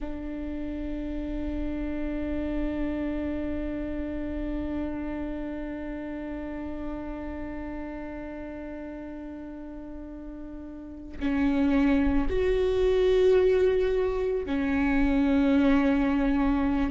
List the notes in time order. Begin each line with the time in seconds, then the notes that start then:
0.00 D4
11.19 C#4
12.29 F#4
14.45 C#4